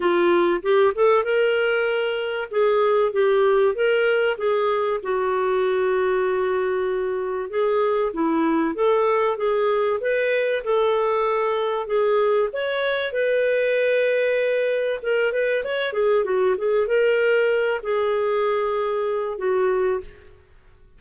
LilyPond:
\new Staff \with { instrumentName = "clarinet" } { \time 4/4 \tempo 4 = 96 f'4 g'8 a'8 ais'2 | gis'4 g'4 ais'4 gis'4 | fis'1 | gis'4 e'4 a'4 gis'4 |
b'4 a'2 gis'4 | cis''4 b'2. | ais'8 b'8 cis''8 gis'8 fis'8 gis'8 ais'4~ | ais'8 gis'2~ gis'8 fis'4 | }